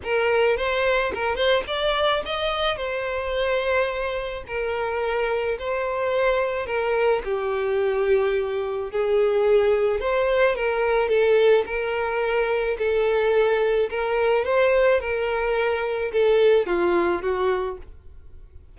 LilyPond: \new Staff \with { instrumentName = "violin" } { \time 4/4 \tempo 4 = 108 ais'4 c''4 ais'8 c''8 d''4 | dis''4 c''2. | ais'2 c''2 | ais'4 g'2. |
gis'2 c''4 ais'4 | a'4 ais'2 a'4~ | a'4 ais'4 c''4 ais'4~ | ais'4 a'4 f'4 fis'4 | }